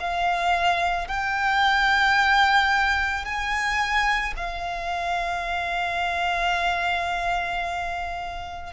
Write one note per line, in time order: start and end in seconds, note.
0.00 1.08 F5
1.08 3.25 G5
3.25 4.34 G#5
4.37 8.73 F5